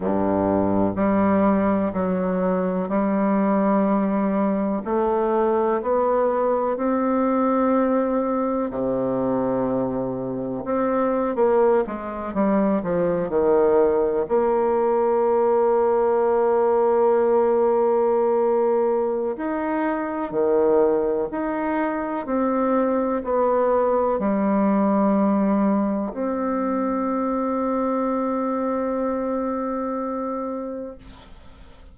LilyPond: \new Staff \with { instrumentName = "bassoon" } { \time 4/4 \tempo 4 = 62 g,4 g4 fis4 g4~ | g4 a4 b4 c'4~ | c'4 c2 c'8. ais16~ | ais16 gis8 g8 f8 dis4 ais4~ ais16~ |
ais1 | dis'4 dis4 dis'4 c'4 | b4 g2 c'4~ | c'1 | }